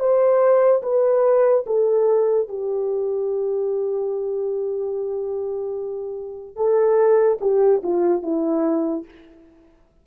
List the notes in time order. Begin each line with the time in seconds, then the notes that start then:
0.00 C5
0.83 B4
1.67 A4
2.49 G4
6.56 A4
7.41 G4
7.84 F4
8.23 E4